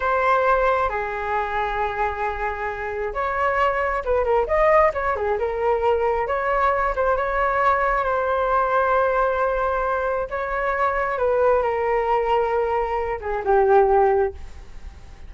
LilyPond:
\new Staff \with { instrumentName = "flute" } { \time 4/4 \tempo 4 = 134 c''2 gis'2~ | gis'2. cis''4~ | cis''4 b'8 ais'8 dis''4 cis''8 gis'8 | ais'2 cis''4. c''8 |
cis''2 c''2~ | c''2. cis''4~ | cis''4 b'4 ais'2~ | ais'4. gis'8 g'2 | }